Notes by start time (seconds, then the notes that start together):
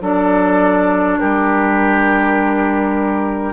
0.00 F#3 D4 A4 D5
1.19 G3 G4 A#4